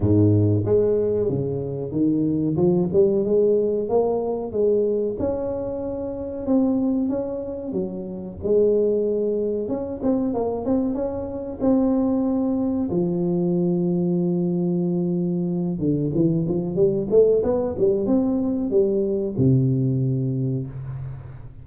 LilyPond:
\new Staff \with { instrumentName = "tuba" } { \time 4/4 \tempo 4 = 93 gis,4 gis4 cis4 dis4 | f8 g8 gis4 ais4 gis4 | cis'2 c'4 cis'4 | fis4 gis2 cis'8 c'8 |
ais8 c'8 cis'4 c'2 | f1~ | f8 d8 e8 f8 g8 a8 b8 g8 | c'4 g4 c2 | }